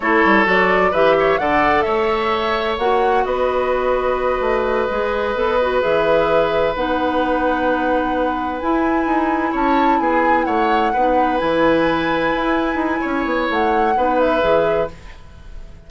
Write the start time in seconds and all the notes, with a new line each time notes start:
0.00 A3 E4 A4 C#5
0.24 G3
0.45 F#3 F#4 D5
0.91 E3 G4 B4 E5
1.19 C#5
1.37 D3 A4 D5 F#5
1.81 A3 C#5 E5
2.78 A#3 F#4 F#5
3.24 B3 B4 D#5
4.40 A3
4.90 G#3 G#4
5.34 B3 A4
5.61 F#4
5.81 E3 G#4 E5
6.75 B3 D#4 F#5
8.59 E4 G#5
9.06 D#4
9.51 C#4 C#5 A5
9.99 B3 G#4 G#5
10.44 A3 C#5 F#5
10.92 B3 D#4 B4
11.37 E3 E4 G#5
12.34 E4
12.75 D#4
13.00 C#4 C#5
13.25 B3
13.49 A3 F#5
13.96 B3 D#4 B4
14.19 E5
14.40 E3 G#4